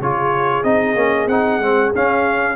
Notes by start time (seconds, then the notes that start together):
0.00 C#3 F4 G#4 C#5
0.63 C4 D#4 D#5
0.95 A#3 C#4
1.27 C4 D#4 F#5
1.59 G#3 C4
1.95 C#4 F5